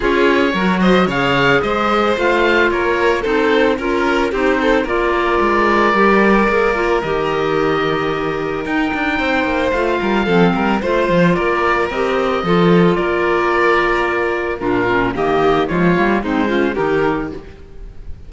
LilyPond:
<<
  \new Staff \with { instrumentName = "oboe" } { \time 4/4 \tempo 4 = 111 cis''4. dis''8 f''4 dis''4 | f''4 cis''4 c''4 ais'4 | c''4 d''2.~ | d''4 dis''2. |
g''2 f''2 | c''4 d''4 dis''2 | d''2. ais'4 | dis''4 cis''4 c''4 ais'4 | }
  \new Staff \with { instrumentName = "violin" } { \time 4/4 gis'4 ais'8 c''8 cis''4 c''4~ | c''4 ais'4 a'4 ais'4 | g'8 a'8 ais'2.~ | ais'1~ |
ais'4 c''4. ais'8 a'8 ais'8 | c''4 ais'2 a'4 | ais'2. f'4 | g'4 f'4 dis'8 f'8 g'4 | }
  \new Staff \with { instrumentName = "clarinet" } { \time 4/4 f'4 fis'4 gis'2 | f'2 dis'4 f'4 | dis'4 f'2 g'4 | gis'8 f'8 g'2. |
dis'2 f'4 c'4 | f'2 g'4 f'4~ | f'2. d'8 cis'8 | ais4 gis8 ais8 c'8 cis'8 dis'4 | }
  \new Staff \with { instrumentName = "cello" } { \time 4/4 cis'4 fis4 cis4 gis4 | a4 ais4 c'4 cis'4 | c'4 ais4 gis4 g4 | ais4 dis2. |
dis'8 d'8 c'8 ais8 a8 g8 f8 g8 | a8 f8 ais4 c'4 f4 | ais2. ais,4 | dis4 f8 g8 gis4 dis4 | }
>>